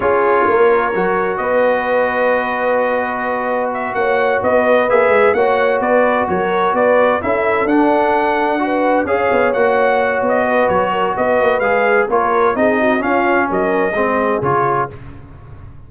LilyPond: <<
  \new Staff \with { instrumentName = "trumpet" } { \time 4/4 \tempo 4 = 129 cis''2. dis''4~ | dis''1 | e''8 fis''4 dis''4 e''4 fis''8~ | fis''8 d''4 cis''4 d''4 e''8~ |
e''8 fis''2. f''8~ | f''8 fis''4. dis''4 cis''4 | dis''4 f''4 cis''4 dis''4 | f''4 dis''2 cis''4 | }
  \new Staff \with { instrumentName = "horn" } { \time 4/4 gis'4 ais'2 b'4~ | b'1~ | b'8 cis''4 b'2 cis''8~ | cis''8 b'4 ais'4 b'4 a'8~ |
a'2~ a'8 b'4 cis''8~ | cis''2~ cis''8 b'4 ais'8 | b'2 ais'4 gis'8 fis'8 | f'4 ais'4 gis'2 | }
  \new Staff \with { instrumentName = "trombone" } { \time 4/4 f'2 fis'2~ | fis'1~ | fis'2~ fis'8 gis'4 fis'8~ | fis'2.~ fis'8 e'8~ |
e'8 d'2 fis'4 gis'8~ | gis'8 fis'2.~ fis'8~ | fis'4 gis'4 f'4 dis'4 | cis'2 c'4 f'4 | }
  \new Staff \with { instrumentName = "tuba" } { \time 4/4 cis'4 ais4 fis4 b4~ | b1~ | b8 ais4 b4 ais8 gis8 ais8~ | ais8 b4 fis4 b4 cis'8~ |
cis'8 d'2. cis'8 | b8 ais4. b4 fis4 | b8 ais8 gis4 ais4 c'4 | cis'4 fis4 gis4 cis4 | }
>>